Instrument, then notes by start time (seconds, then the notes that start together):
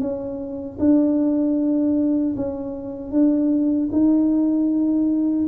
tuba
0.00 C#4
0.79 D4
2.36 C#4
3.11 D4
3.92 D#4